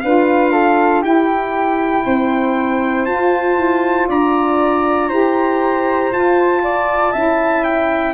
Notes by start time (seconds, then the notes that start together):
0.00 D4 F4 B4 F5
0.52 A4
1.02 E4 G4 G5
2.06 C4 C5
3.05 F4 A5
3.57 E4
4.08 D4 D5 A#5
5.08 E4 G4 C5
6.11 F4 A5
6.63 D5
7.12 C#4 E4 E5
7.64 G5